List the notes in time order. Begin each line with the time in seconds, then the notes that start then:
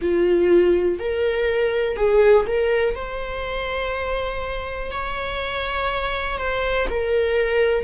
0.01 F4
0.99 A#4
1.96 G#4
2.46 A#4
2.95 C5
4.91 C#5
6.38 C5
6.89 A#4